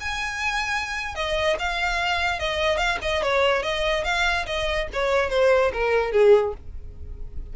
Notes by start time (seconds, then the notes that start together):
0.00 G#5
1.15 D#5
1.59 F5
2.39 D#5
2.77 F5
3.02 D#5
3.22 C#5
3.62 D#5
4.04 F5
4.46 D#5
4.93 C#5
5.30 C5
5.73 A#4
6.12 G#4